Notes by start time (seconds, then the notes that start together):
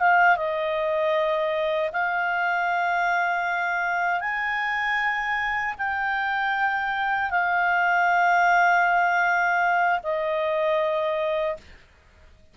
0.00 F5
0.37 D#5
1.93 F5
4.21 G#5
5.78 G5
7.30 F5
10.03 D#5